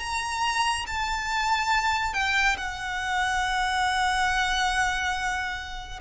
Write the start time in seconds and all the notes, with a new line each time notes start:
0.00 A#5
0.87 A5
2.14 G5
2.58 F#5